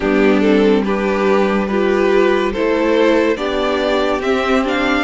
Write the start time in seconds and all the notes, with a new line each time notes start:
0.00 G3 B3 D4 G4
0.40 C4 A4
0.84 D4 G4 B4
1.67 F4 G4 B4
2.52 A3 E4 A4 C5
3.36 B3 D4 G4 D5
4.21 C4 E5
4.64 D4 F5